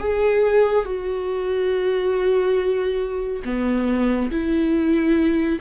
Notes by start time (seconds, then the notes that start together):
0.00 G#4
0.86 F#4
3.45 B3
4.31 E4